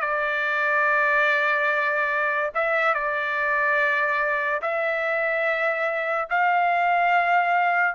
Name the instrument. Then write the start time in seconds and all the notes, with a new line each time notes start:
trumpet
0.00 D5
2.54 E5
2.94 D5
4.61 E5
6.29 F5